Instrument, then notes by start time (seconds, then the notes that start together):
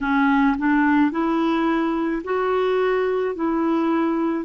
clarinet
0.01 C#4
0.58 D4
1.11 E4
2.24 F#4
3.35 E4